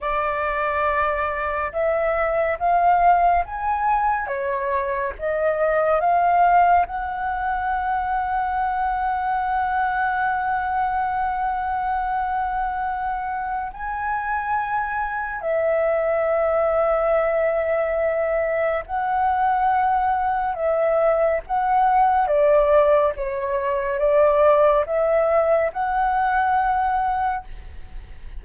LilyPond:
\new Staff \with { instrumentName = "flute" } { \time 4/4 \tempo 4 = 70 d''2 e''4 f''4 | gis''4 cis''4 dis''4 f''4 | fis''1~ | fis''1 |
gis''2 e''2~ | e''2 fis''2 | e''4 fis''4 d''4 cis''4 | d''4 e''4 fis''2 | }